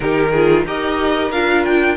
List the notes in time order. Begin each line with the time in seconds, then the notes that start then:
0.00 D#3 D#4 G4 A#4
0.31 F4 G#4
0.65 D#4 G4 A#4 D#5
1.31 D4 F4 F5
1.64 G5